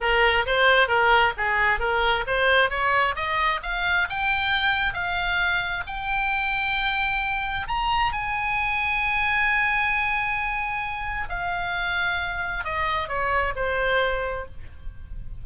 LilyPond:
\new Staff \with { instrumentName = "oboe" } { \time 4/4 \tempo 4 = 133 ais'4 c''4 ais'4 gis'4 | ais'4 c''4 cis''4 dis''4 | f''4 g''2 f''4~ | f''4 g''2.~ |
g''4 ais''4 gis''2~ | gis''1~ | gis''4 f''2. | dis''4 cis''4 c''2 | }